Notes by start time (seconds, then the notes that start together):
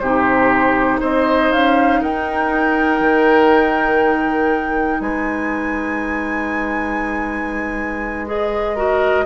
0.00 C3 D#4 G4 C5
1.01 C4 C5 D#5
1.52 C#4 F5
2.01 D#4 A#4 G5
3.01 D#3
5.01 G#3 B4 G#5
8.27 G#4 D#5
8.75 F#4 A#4